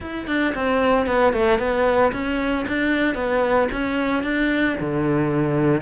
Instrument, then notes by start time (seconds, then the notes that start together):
cello
0.00 E4
0.27 D4
0.54 C4
1.06 B3
1.33 A3
1.59 B3
2.12 C#4
2.67 D4
3.14 B3
3.71 C#4
4.23 D4
4.80 D3